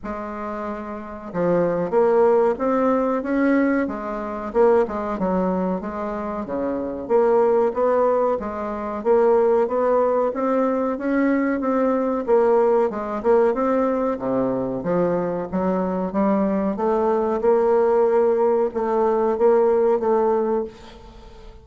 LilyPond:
\new Staff \with { instrumentName = "bassoon" } { \time 4/4 \tempo 4 = 93 gis2 f4 ais4 | c'4 cis'4 gis4 ais8 gis8 | fis4 gis4 cis4 ais4 | b4 gis4 ais4 b4 |
c'4 cis'4 c'4 ais4 | gis8 ais8 c'4 c4 f4 | fis4 g4 a4 ais4~ | ais4 a4 ais4 a4 | }